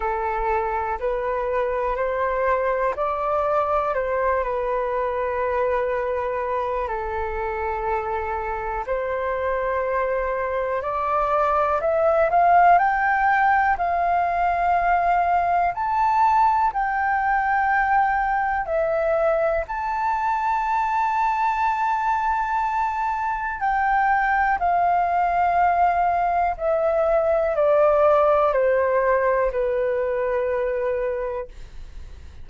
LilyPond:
\new Staff \with { instrumentName = "flute" } { \time 4/4 \tempo 4 = 61 a'4 b'4 c''4 d''4 | c''8 b'2~ b'8 a'4~ | a'4 c''2 d''4 | e''8 f''8 g''4 f''2 |
a''4 g''2 e''4 | a''1 | g''4 f''2 e''4 | d''4 c''4 b'2 | }